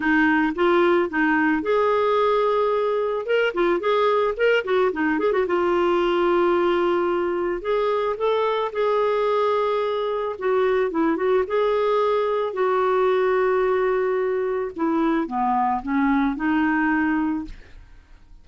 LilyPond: \new Staff \with { instrumentName = "clarinet" } { \time 4/4 \tempo 4 = 110 dis'4 f'4 dis'4 gis'4~ | gis'2 ais'8 f'8 gis'4 | ais'8 fis'8 dis'8 gis'16 fis'16 f'2~ | f'2 gis'4 a'4 |
gis'2. fis'4 | e'8 fis'8 gis'2 fis'4~ | fis'2. e'4 | b4 cis'4 dis'2 | }